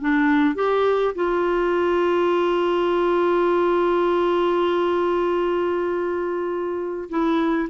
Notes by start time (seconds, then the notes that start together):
0.00 D4
0.55 G4
1.14 F4
7.09 E4